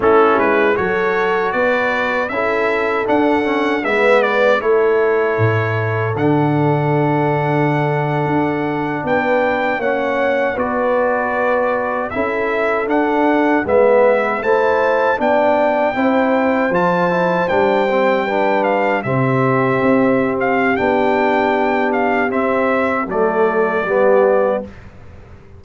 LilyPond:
<<
  \new Staff \with { instrumentName = "trumpet" } { \time 4/4 \tempo 4 = 78 a'8 b'8 cis''4 d''4 e''4 | fis''4 e''8 d''8 cis''2 | fis''2.~ fis''8. g''16~ | g''8. fis''4 d''2 e''16~ |
e''8. fis''4 e''4 a''4 g''16~ | g''4.~ g''16 a''4 g''4~ g''16~ | g''16 f''8 e''4.~ e''16 f''8 g''4~ | g''8 f''8 e''4 d''2 | }
  \new Staff \with { instrumentName = "horn" } { \time 4/4 e'4 a'4 b'4 a'4~ | a'4 b'4 a'2~ | a'2.~ a'8. b'16~ | b'8. cis''4 b'2 a'16~ |
a'4.~ a'16 b'4 c''4 d''16~ | d''8. c''2. b'16~ | b'8. g'2.~ g'16~ | g'2 a'4 g'4 | }
  \new Staff \with { instrumentName = "trombone" } { \time 4/4 cis'4 fis'2 e'4 | d'8 cis'8 b4 e'2 | d'1~ | d'8. cis'4 fis'2 e'16~ |
e'8. d'4 b4 e'4 d'16~ | d'8. e'4 f'8 e'8 d'8 c'8 d'16~ | d'8. c'2~ c'16 d'4~ | d'4 c'4 a4 b4 | }
  \new Staff \with { instrumentName = "tuba" } { \time 4/4 a8 gis8 fis4 b4 cis'4 | d'4 gis4 a4 a,4 | d2~ d8. d'4 b16~ | b8. ais4 b2 cis'16~ |
cis'8. d'4 gis4 a4 b16~ | b8. c'4 f4 g4~ g16~ | g8. c4 c'4~ c'16 b4~ | b4 c'4 fis4 g4 | }
>>